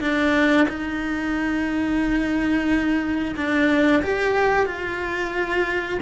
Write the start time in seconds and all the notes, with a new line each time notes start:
0.00 D4
0.68 D#4
3.35 D4
4.02 G4
4.65 F4